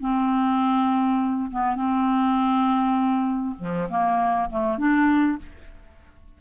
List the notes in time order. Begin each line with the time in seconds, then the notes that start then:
0.00 C4
1.51 B3
1.75 C4
3.59 F3
3.89 A#3
4.50 A3
4.78 D4